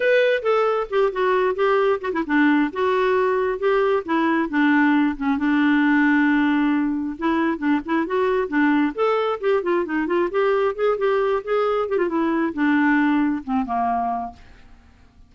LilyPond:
\new Staff \with { instrumentName = "clarinet" } { \time 4/4 \tempo 4 = 134 b'4 a'4 g'8 fis'4 g'8~ | g'8 fis'16 e'16 d'4 fis'2 | g'4 e'4 d'4. cis'8 | d'1 |
e'4 d'8 e'8 fis'4 d'4 | a'4 g'8 f'8 dis'8 f'8 g'4 | gis'8 g'4 gis'4 g'16 f'16 e'4 | d'2 c'8 ais4. | }